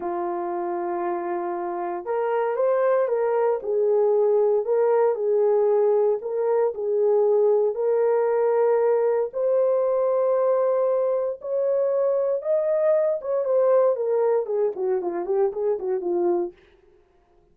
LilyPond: \new Staff \with { instrumentName = "horn" } { \time 4/4 \tempo 4 = 116 f'1 | ais'4 c''4 ais'4 gis'4~ | gis'4 ais'4 gis'2 | ais'4 gis'2 ais'4~ |
ais'2 c''2~ | c''2 cis''2 | dis''4. cis''8 c''4 ais'4 | gis'8 fis'8 f'8 g'8 gis'8 fis'8 f'4 | }